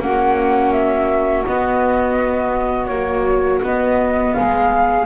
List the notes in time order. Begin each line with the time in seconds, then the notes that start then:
0.00 A#3 C#4 F#4 F#5
0.72 E5
1.46 B3 D#5
2.87 A#3 C#5
2.93 F#3
3.63 B3 D#5
4.34 G#3 G#4 F5